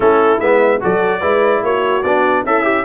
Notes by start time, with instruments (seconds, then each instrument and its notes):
0.00 tuba A3, trombone C#4, horn E4, trumpet A4
0.39 tuba G#3, trombone B3, trumpet E5
0.80 tuba F#3, trombone F#4, horn A4, trumpet D5
1.20 tuba G#3, trombone E4, horn B4
1.62 tuba A#3, horn F#4, trumpet C#5
2.02 tuba B3, trombone D4, trumpet D5
2.44 tuba C#4, horn E4, trombone A4, trumpet E5
2.63 trombone G4